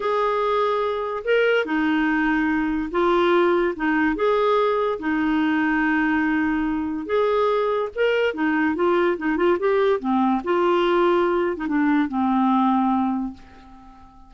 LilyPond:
\new Staff \with { instrumentName = "clarinet" } { \time 4/4 \tempo 4 = 144 gis'2. ais'4 | dis'2. f'4~ | f'4 dis'4 gis'2 | dis'1~ |
dis'4 gis'2 ais'4 | dis'4 f'4 dis'8 f'8 g'4 | c'4 f'2~ f'8. dis'16 | d'4 c'2. | }